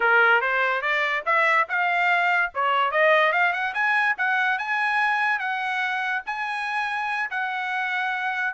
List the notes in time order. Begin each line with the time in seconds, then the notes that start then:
0.00 A#4
0.41 C5
0.81 D5
1.25 E5
1.68 F5
2.54 C#5
2.91 D#5
3.32 F5
3.52 F#5
3.74 G#5
4.17 F#5
4.58 G#5
5.39 F#5
6.26 G#5
7.30 F#5